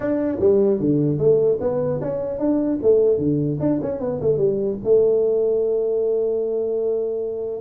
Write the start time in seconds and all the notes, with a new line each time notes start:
0.00 D4
0.39 G3
0.80 D3
1.18 A3
1.60 B3
2.01 C#4
2.38 D4
2.82 A3
3.17 D3
3.60 D4
3.81 C#4
4.00 B3
4.21 A3
4.37 G3
4.84 A3